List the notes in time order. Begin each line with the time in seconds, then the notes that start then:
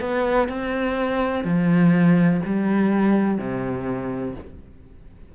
0.00 B3
0.48 C4
1.44 F3
2.45 G3
3.38 C3